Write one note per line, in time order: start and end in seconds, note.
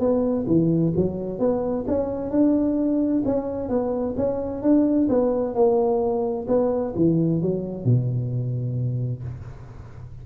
0.00 0.46 B3
0.47 0.94 E3
0.97 1.39 F#3
1.39 1.85 B3
1.88 2.31 C#4
2.31 3.23 D4
3.26 3.69 C#4
3.69 4.16 B3
4.17 4.62 C#4
4.62 5.09 D4
5.09 5.55 B3
5.55 6.47 A#3
6.48 6.94 B3
6.96 7.42 E3
7.42 7.85 F#3
7.85 9.23 B2